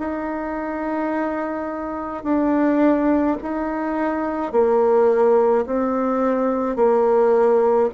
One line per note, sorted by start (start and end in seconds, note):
0.00 2.24 D#4
2.24 3.37 D4
3.43 4.52 D#4
4.52 5.66 A#3
5.67 6.77 C4
6.77 7.90 A#3